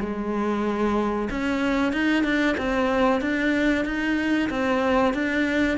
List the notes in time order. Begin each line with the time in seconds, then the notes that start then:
0.00 G#3
1.30 C#4
1.93 D#4
2.24 D4
2.57 C4
3.21 D4
3.85 D#4
4.50 C4
5.14 D4